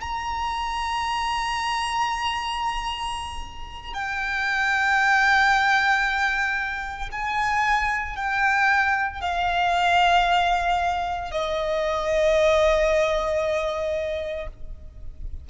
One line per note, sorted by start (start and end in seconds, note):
0.00 3.93 A#5
3.93 7.09 G5
7.11 8.16 G#5
8.16 9.20 G5
9.20 11.31 F5
11.31 14.46 D#5